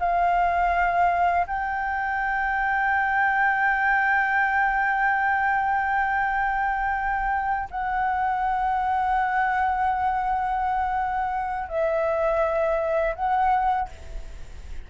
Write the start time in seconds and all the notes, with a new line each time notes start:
0.00 F5
1.47 G5
7.71 F#5
11.69 E5
13.16 F#5